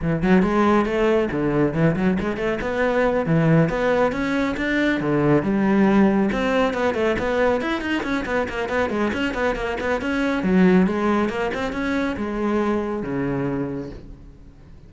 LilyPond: \new Staff \with { instrumentName = "cello" } { \time 4/4 \tempo 4 = 138 e8 fis8 gis4 a4 d4 | e8 fis8 gis8 a8 b4. e8~ | e8 b4 cis'4 d'4 d8~ | d8 g2 c'4 b8 |
a8 b4 e'8 dis'8 cis'8 b8 ais8 | b8 gis8 cis'8 b8 ais8 b8 cis'4 | fis4 gis4 ais8 c'8 cis'4 | gis2 cis2 | }